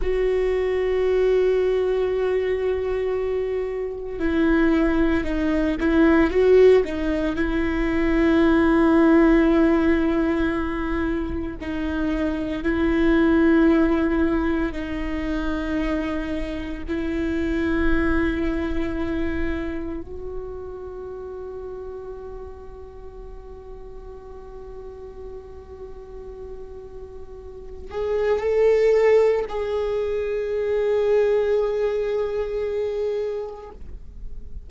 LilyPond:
\new Staff \with { instrumentName = "viola" } { \time 4/4 \tempo 4 = 57 fis'1 | e'4 dis'8 e'8 fis'8 dis'8 e'4~ | e'2. dis'4 | e'2 dis'2 |
e'2. fis'4~ | fis'1~ | fis'2~ fis'8 gis'8 a'4 | gis'1 | }